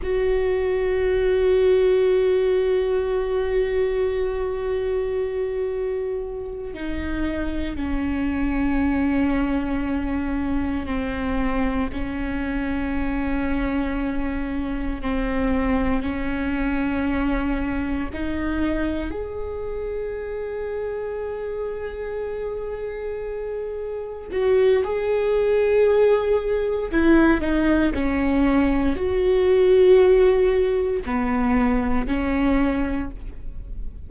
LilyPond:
\new Staff \with { instrumentName = "viola" } { \time 4/4 \tempo 4 = 58 fis'1~ | fis'2~ fis'8 dis'4 cis'8~ | cis'2~ cis'8 c'4 cis'8~ | cis'2~ cis'8 c'4 cis'8~ |
cis'4. dis'4 gis'4.~ | gis'2.~ gis'8 fis'8 | gis'2 e'8 dis'8 cis'4 | fis'2 b4 cis'4 | }